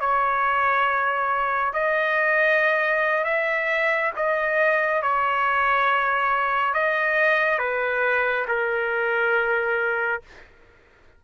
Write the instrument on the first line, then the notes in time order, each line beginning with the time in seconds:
trumpet
0.00 C#5
1.73 D#5
3.24 E5
4.16 D#5
5.02 C#5
6.74 D#5
7.58 B4
8.48 A#4